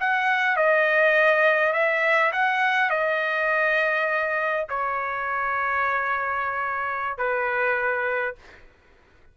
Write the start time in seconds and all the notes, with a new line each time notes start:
0.00 F#5
0.56 D#5
1.73 E5
2.32 F#5
2.90 D#5
4.69 C#5
7.17 B4